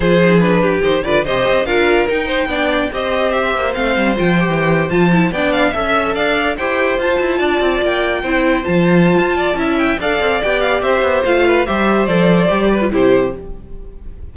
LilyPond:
<<
  \new Staff \with { instrumentName = "violin" } { \time 4/4 \tempo 4 = 144 c''4 b'4 c''8 d''8 dis''4 | f''4 g''2 dis''4 | e''4 f''4 g''4.~ g''16 a''16~ | a''8. g''8 f''8 e''4 f''4 g''16~ |
g''8. a''2 g''4~ g''16~ | g''8. a''2~ a''8. g''8 | f''4 g''8 f''8 e''4 f''4 | e''4 d''2 c''4 | }
  \new Staff \with { instrumentName = "violin" } { \time 4/4 gis'4. g'4 b'8 c''4 | ais'4. c''8 d''4 c''4~ | c''1~ | c''8. d''4 e''4 d''4 c''16~ |
c''4.~ c''16 d''2 c''16~ | c''2~ c''8 d''8 e''4 | d''2 c''4. b'8 | c''2~ c''8 b'8 g'4 | }
  \new Staff \with { instrumentName = "viola" } { \time 4/4 f'8 dis'8 d'4 dis'8 f'8 g'4 | f'4 dis'4 d'4 g'4~ | g'4 c'4 f'8 g'4~ g'16 f'16~ | f'16 e'8 d'4 a'2 g'16~ |
g'8. f'2. e'16~ | e'8. f'2~ f'16 e'4 | a'4 g'2 f'4 | g'4 a'4 g'8. f'16 e'4 | }
  \new Staff \with { instrumentName = "cello" } { \time 4/4 f2 dis8 d8 c8 c'8 | d'4 dis'4 b4 c'4~ | c'8 ais8 a8 g8 f8. e4 f16~ | f8. b4 cis'4 d'4 e'16~ |
e'8. f'8 e'8 d'8 c'8 ais4 c'16~ | c'8. f4~ f16 f'4 cis'4 | d'8 c'8 b4 c'8 b8 a4 | g4 f4 g4 c4 | }
>>